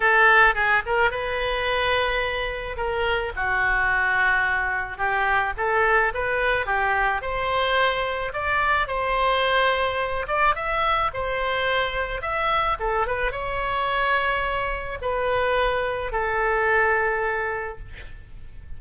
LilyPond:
\new Staff \with { instrumentName = "oboe" } { \time 4/4 \tempo 4 = 108 a'4 gis'8 ais'8 b'2~ | b'4 ais'4 fis'2~ | fis'4 g'4 a'4 b'4 | g'4 c''2 d''4 |
c''2~ c''8 d''8 e''4 | c''2 e''4 a'8 b'8 | cis''2. b'4~ | b'4 a'2. | }